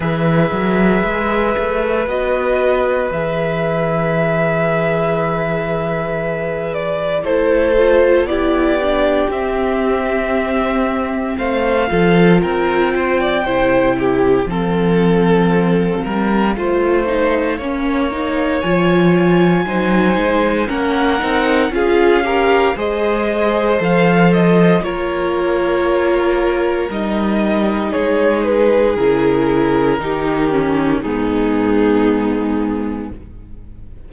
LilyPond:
<<
  \new Staff \with { instrumentName = "violin" } { \time 4/4 \tempo 4 = 58 e''2 dis''4 e''4~ | e''2~ e''8 d''8 c''4 | d''4 e''2 f''4 | g''2 f''2~ |
f''2 gis''2 | fis''4 f''4 dis''4 f''8 dis''8 | cis''2 dis''4 cis''8 b'8 | ais'2 gis'2 | }
  \new Staff \with { instrumentName = "violin" } { \time 4/4 b'1~ | b'2. a'4 | g'2. c''8 a'8 | ais'8 c''16 d''16 c''8 g'8 a'4. ais'8 |
c''4 cis''2 c''4 | ais'4 gis'8 ais'8 c''2 | ais'2. gis'4~ | gis'4 g'4 dis'2 | }
  \new Staff \with { instrumentName = "viola" } { \time 4/4 gis'2 fis'4 gis'4~ | gis'2. e'8 f'8 | e'8 d'8 c'2~ c'8 f'8~ | f'4 e'4 c'2 |
f'8 dis'8 cis'8 dis'8 f'4 dis'4 | cis'8 dis'8 f'8 g'8 gis'4 a'4 | f'2 dis'2 | e'4 dis'8 cis'8 b2 | }
  \new Staff \with { instrumentName = "cello" } { \time 4/4 e8 fis8 gis8 a8 b4 e4~ | e2. a4 | b4 c'2 a8 f8 | c'4 c4 f4. g8 |
a4 ais4 f4 fis8 gis8 | ais8 c'8 cis'4 gis4 f4 | ais2 g4 gis4 | cis4 dis4 gis,2 | }
>>